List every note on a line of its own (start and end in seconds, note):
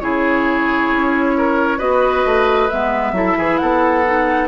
0.00 0.90 C#3
0.00 1.79 E4
0.00 1.37 G#4
0.00 1.79 C#5
0.90 1.79 C#4
1.37 1.78 A#4
1.78 2.24 B3
1.78 2.68 F#4
1.78 3.12 B4
1.78 2.68 D#5
2.25 2.69 A3
2.69 3.12 G#3
2.69 3.14 B3
2.69 3.57 E5
3.12 3.34 F#3
3.12 4.04 E4
3.12 3.37 A4
3.37 3.60 E3
3.37 3.60 G#4
3.57 4.48 B3
3.57 4.48 A4
3.57 4.47 F#5
4.05 4.48 D#4